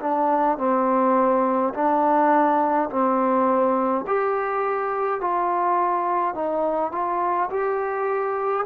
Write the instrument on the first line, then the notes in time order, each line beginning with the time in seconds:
trombone
0.00 D4
0.58 C4
1.74 D4
2.90 C4
4.07 G4
5.20 F4
6.35 D#4
6.92 F4
7.50 G4